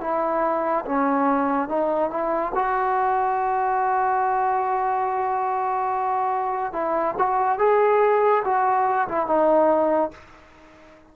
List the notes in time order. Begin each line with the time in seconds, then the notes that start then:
0.00 E4
0.85 C#4
1.68 D#4
2.10 E4
2.54 F#4
6.73 E4
7.18 F#4
7.58 G#4
8.44 F#4
9.08 E4
9.26 D#4